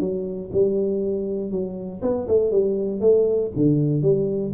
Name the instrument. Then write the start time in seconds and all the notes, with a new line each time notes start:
tuba
0.00 F#3
0.53 G3
1.51 F#3
2.02 B3
2.28 A3
2.51 G3
3.01 A3
3.56 D3
4.02 G3